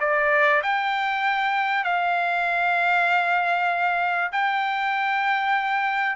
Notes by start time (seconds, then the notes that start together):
0.00 D5
0.63 G5
1.84 F5
4.32 G5